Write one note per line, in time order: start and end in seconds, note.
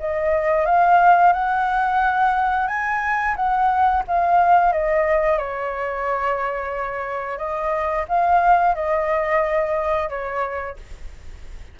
0.00 0.66 D#5
0.66 1.33 F5
1.33 2.68 F#5
2.68 3.35 G#5
3.36 4.04 F#5
4.08 4.73 F5
4.73 5.38 D#5
5.38 7.38 C#5
7.38 8.06 D#5
8.09 8.75 F5
8.75 10.09 D#5
10.09 10.77 C#5